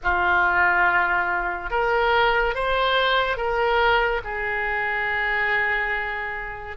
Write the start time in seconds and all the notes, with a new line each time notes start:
0.03 F4
1.70 A#4
2.55 C5
3.36 A#4
4.24 G#4